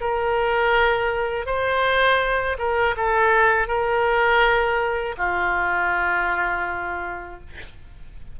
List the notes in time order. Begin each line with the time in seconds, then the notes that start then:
0.00 A#4
1.46 C5
2.58 A#4
2.96 A4
3.67 A#4
5.17 F4